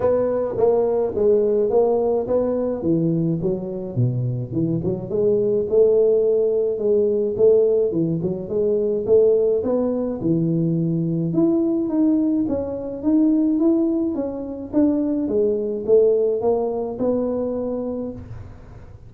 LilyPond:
\new Staff \with { instrumentName = "tuba" } { \time 4/4 \tempo 4 = 106 b4 ais4 gis4 ais4 | b4 e4 fis4 b,4 | e8 fis8 gis4 a2 | gis4 a4 e8 fis8 gis4 |
a4 b4 e2 | e'4 dis'4 cis'4 dis'4 | e'4 cis'4 d'4 gis4 | a4 ais4 b2 | }